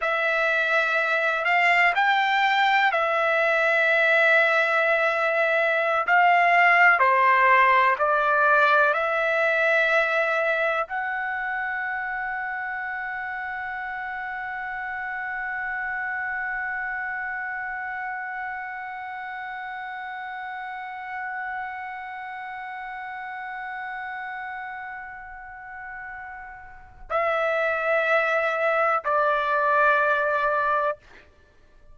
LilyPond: \new Staff \with { instrumentName = "trumpet" } { \time 4/4 \tempo 4 = 62 e''4. f''8 g''4 e''4~ | e''2~ e''16 f''4 c''8.~ | c''16 d''4 e''2 fis''8.~ | fis''1~ |
fis''1~ | fis''1~ | fis''1 | e''2 d''2 | }